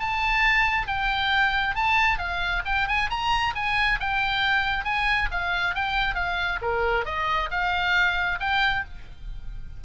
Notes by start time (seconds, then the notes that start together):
0.00 A5
0.88 G5
1.76 A5
2.19 F5
2.66 G5
2.88 G#5
3.10 A#5
3.55 G#5
4.00 G5
4.85 G#5
5.31 F5
5.75 G5
6.15 F5
6.62 A#4
7.06 D#5
7.51 F5
8.41 G5